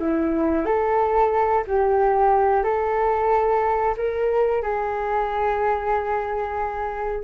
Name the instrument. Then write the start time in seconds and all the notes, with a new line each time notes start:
flute
0.00 E4
0.66 A4
1.68 G4
2.64 A4
3.97 A#4
4.62 G#4